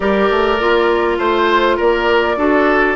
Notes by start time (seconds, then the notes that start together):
0.00 G3 G4 A#4 D5
0.30 A3
0.59 A#3 F4
1.17 A3 C5
1.76 A#3 A#4 D5
2.36 D4 F#4 A4